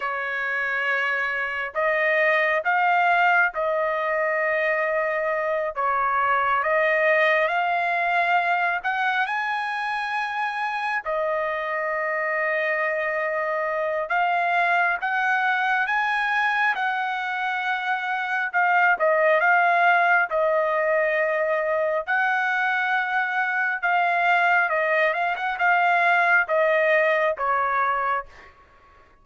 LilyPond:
\new Staff \with { instrumentName = "trumpet" } { \time 4/4 \tempo 4 = 68 cis''2 dis''4 f''4 | dis''2~ dis''8 cis''4 dis''8~ | dis''8 f''4. fis''8 gis''4.~ | gis''8 dis''2.~ dis''8 |
f''4 fis''4 gis''4 fis''4~ | fis''4 f''8 dis''8 f''4 dis''4~ | dis''4 fis''2 f''4 | dis''8 f''16 fis''16 f''4 dis''4 cis''4 | }